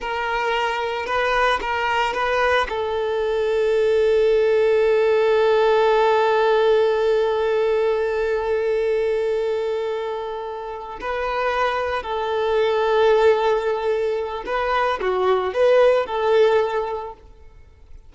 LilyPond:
\new Staff \with { instrumentName = "violin" } { \time 4/4 \tempo 4 = 112 ais'2 b'4 ais'4 | b'4 a'2.~ | a'1~ | a'1~ |
a'1~ | a'8 b'2 a'4.~ | a'2. b'4 | fis'4 b'4 a'2 | }